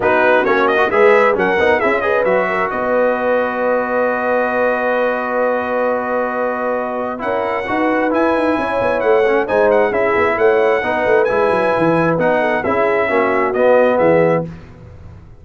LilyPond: <<
  \new Staff \with { instrumentName = "trumpet" } { \time 4/4 \tempo 4 = 133 b'4 cis''8 dis''8 e''4 fis''4 | e''8 dis''8 e''4 dis''2~ | dis''1~ | dis''1 |
fis''2 gis''2 | fis''4 gis''8 fis''8 e''4 fis''4~ | fis''4 gis''2 fis''4 | e''2 dis''4 e''4 | }
  \new Staff \with { instrumentName = "horn" } { \time 4/4 fis'2 b'4 ais'4 | gis'8 b'4 ais'8 b'2~ | b'1~ | b'1 |
ais'4 b'2 cis''4~ | cis''4 c''4 gis'4 cis''4 | b'2.~ b'8 a'8 | gis'4 fis'2 gis'4 | }
  \new Staff \with { instrumentName = "trombone" } { \time 4/4 dis'4 cis'8. fis'16 gis'4 cis'8 dis'8 | e'8 gis'8 fis'2.~ | fis'1~ | fis'1 |
e'4 fis'4 e'2~ | e'8 cis'8 dis'4 e'2 | dis'4 e'2 dis'4 | e'4 cis'4 b2 | }
  \new Staff \with { instrumentName = "tuba" } { \time 4/4 b4 ais4 gis4 fis8 b8 | cis'4 fis4 b2~ | b1~ | b1 |
cis'4 dis'4 e'8 dis'8 cis'8 b8 | a4 gis4 cis'8 b8 a4 | b8 a8 gis8 fis8 e4 b4 | cis'4 ais4 b4 e4 | }
>>